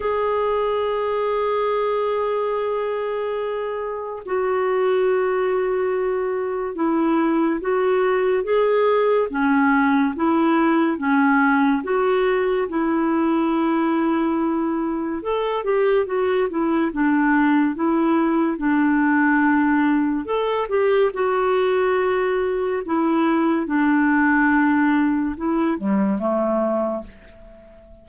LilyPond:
\new Staff \with { instrumentName = "clarinet" } { \time 4/4 \tempo 4 = 71 gis'1~ | gis'4 fis'2. | e'4 fis'4 gis'4 cis'4 | e'4 cis'4 fis'4 e'4~ |
e'2 a'8 g'8 fis'8 e'8 | d'4 e'4 d'2 | a'8 g'8 fis'2 e'4 | d'2 e'8 g8 a4 | }